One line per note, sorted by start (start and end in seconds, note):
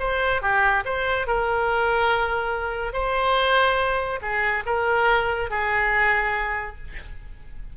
0.00 0.42 C5
0.42 0.85 G4
0.85 1.27 C5
1.27 2.94 A#4
2.94 4.20 C5
4.22 4.65 G#4
4.67 5.51 A#4
5.51 6.78 G#4